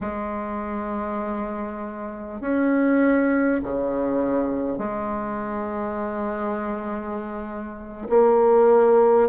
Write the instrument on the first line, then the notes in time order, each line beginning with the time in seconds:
bassoon
0.00 G#3
2.41 C#4
3.63 C#3
4.78 G#3
8.09 A#3